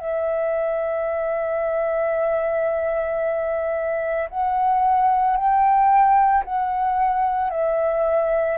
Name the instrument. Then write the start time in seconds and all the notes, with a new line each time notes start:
flute
0.00 E5
4.30 F#5
5.37 G5
6.45 F#5
7.50 E5